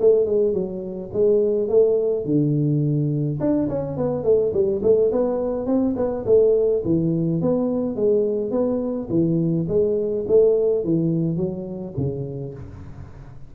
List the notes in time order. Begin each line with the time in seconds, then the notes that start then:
0.00 A3
0.26 G#3
0.54 F#3
1.14 G#3
1.69 A3
2.25 D3
3.40 D4
3.69 C#4
3.97 B3
4.24 A3
4.54 G3
4.83 A3
5.12 B3
5.67 C4
5.97 B3
6.26 A3
6.85 E3
7.42 B3
7.96 G#3
8.51 B3
9.10 E3
9.69 G#3
10.28 A3
10.85 E3
11.37 F#3
11.97 C#3